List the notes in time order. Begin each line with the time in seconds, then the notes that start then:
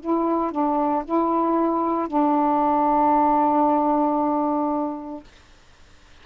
0.00 E4
0.51 D4
1.05 E4
2.08 D4